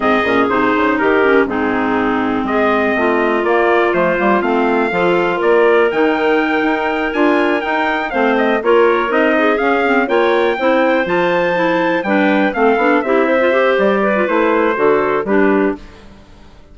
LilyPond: <<
  \new Staff \with { instrumentName = "trumpet" } { \time 4/4 \tempo 4 = 122 dis''4 c''4 ais'4 gis'4~ | gis'4 dis''2 d''4 | c''4 f''2 d''4 | g''2~ g''8 gis''4 g''8~ |
g''8 f''8 dis''8 cis''4 dis''4 f''8~ | f''8 g''2 a''4.~ | a''8 g''4 f''4 e''4. | d''4 c''2 b'4 | }
  \new Staff \with { instrumentName = "clarinet" } { \time 4/4 gis'2 g'4 dis'4~ | dis'4 gis'4 f'2~ | f'2 a'4 ais'4~ | ais'1~ |
ais'8 c''4 ais'4. gis'4~ | gis'8 cis''4 c''2~ c''8~ | c''8 b'4 a'4 g'8 c''4~ | c''8 b'4. a'4 g'4 | }
  \new Staff \with { instrumentName = "clarinet" } { \time 4/4 c'8 cis'8 dis'4. cis'8 c'4~ | c'2. ais4 | a8 ais8 c'4 f'2 | dis'2~ dis'8 f'4 dis'8~ |
dis'8 c'4 f'4 dis'4 cis'8 | c'8 f'4 e'4 f'4 e'8~ | e'8 d'4 c'8 d'8 e'8. f'16 g'8~ | g'8. f'16 e'4 fis'4 d'4 | }
  \new Staff \with { instrumentName = "bassoon" } { \time 4/4 gis,8 ais,8 c8 cis8 dis4 gis,4~ | gis,4 gis4 a4 ais4 | f8 g8 a4 f4 ais4 | dis4. dis'4 d'4 dis'8~ |
dis'8 a4 ais4 c'4 cis'8~ | cis'8 ais4 c'4 f4.~ | f8 g4 a8 b8 c'4. | g4 a4 d4 g4 | }
>>